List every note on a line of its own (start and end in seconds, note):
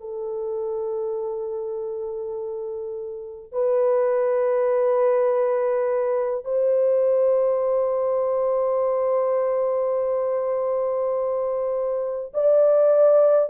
0.00 3.52 A4
3.52 6.45 B4
6.45 12.33 C5
12.34 13.50 D5